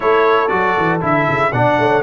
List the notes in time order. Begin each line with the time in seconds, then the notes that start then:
0.00 A3 E4 A4 C#5
0.48 F#3 F#4 D5
0.76 E3
1.00 D3 E4 E5
1.28 C#3
1.51 B2 D4 D5 F#5
1.78 A3 C#5